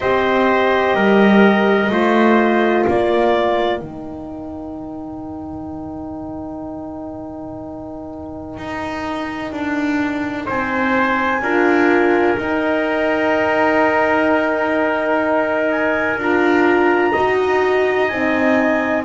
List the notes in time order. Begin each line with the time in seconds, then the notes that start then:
0.00 C4 G4 C5 D#5
0.94 G3 A#4
1.89 A3 F4 C5
2.86 A#3 A#4 D5
3.79 D#3 D#4 G5
8.57 D#4
9.52 D4
10.45 C4 C5 G#5
11.41 D4 F4 A#4
12.37 D#4 G5
15.70 G#5
16.17 D4 F4 A#5
17.12 D#4 F#4 D#5
18.08 C4 D#4 G#5